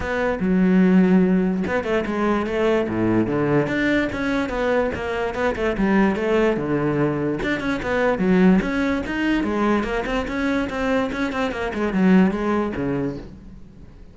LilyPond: \new Staff \with { instrumentName = "cello" } { \time 4/4 \tempo 4 = 146 b4 fis2. | b8 a8 gis4 a4 a,4 | d4 d'4 cis'4 b4 | ais4 b8 a8 g4 a4 |
d2 d'8 cis'8 b4 | fis4 cis'4 dis'4 gis4 | ais8 c'8 cis'4 c'4 cis'8 c'8 | ais8 gis8 fis4 gis4 cis4 | }